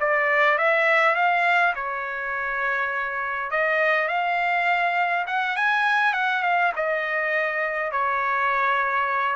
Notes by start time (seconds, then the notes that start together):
0.00 D5
0.58 E5
1.15 F5
1.75 C#5
3.51 D#5
4.08 F5
5.27 F#5
5.56 G#5
6.13 F#5
6.43 F5
6.76 D#5
7.92 C#5